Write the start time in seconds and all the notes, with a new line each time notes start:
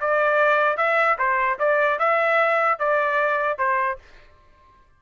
0.00 D5
0.77 E5
1.18 C5
1.59 D5
1.99 E5
2.79 D5
3.58 C5